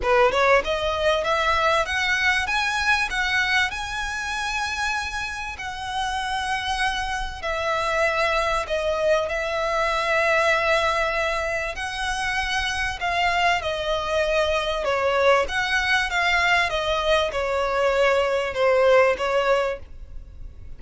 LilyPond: \new Staff \with { instrumentName = "violin" } { \time 4/4 \tempo 4 = 97 b'8 cis''8 dis''4 e''4 fis''4 | gis''4 fis''4 gis''2~ | gis''4 fis''2. | e''2 dis''4 e''4~ |
e''2. fis''4~ | fis''4 f''4 dis''2 | cis''4 fis''4 f''4 dis''4 | cis''2 c''4 cis''4 | }